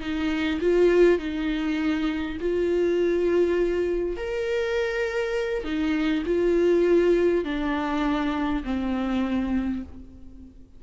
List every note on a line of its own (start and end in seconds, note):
0.00 0.59 D#4
0.61 1.19 F4
1.19 2.38 D#4
2.40 4.17 F4
4.17 5.64 A#4
5.64 6.23 D#4
6.26 7.44 F4
7.44 8.63 D4
8.64 9.83 C4